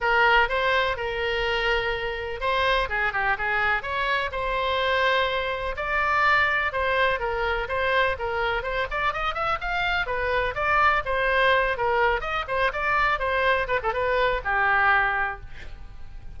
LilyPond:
\new Staff \with { instrumentName = "oboe" } { \time 4/4 \tempo 4 = 125 ais'4 c''4 ais'2~ | ais'4 c''4 gis'8 g'8 gis'4 | cis''4 c''2. | d''2 c''4 ais'4 |
c''4 ais'4 c''8 d''8 dis''8 e''8 | f''4 b'4 d''4 c''4~ | c''8 ais'4 dis''8 c''8 d''4 c''8~ | c''8 b'16 a'16 b'4 g'2 | }